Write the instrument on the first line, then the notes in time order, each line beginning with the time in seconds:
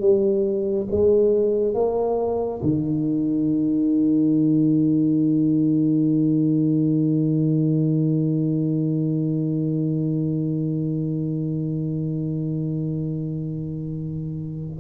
tuba
0.00 G3
0.91 G#3
1.74 A#3
2.62 D#3